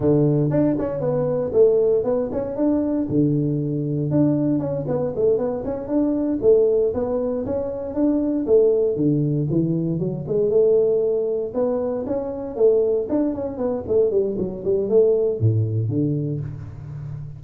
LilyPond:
\new Staff \with { instrumentName = "tuba" } { \time 4/4 \tempo 4 = 117 d4 d'8 cis'8 b4 a4 | b8 cis'8 d'4 d2 | d'4 cis'8 b8 a8 b8 cis'8 d'8~ | d'8 a4 b4 cis'4 d'8~ |
d'8 a4 d4 e4 fis8 | gis8 a2 b4 cis'8~ | cis'8 a4 d'8 cis'8 b8 a8 g8 | fis8 g8 a4 a,4 d4 | }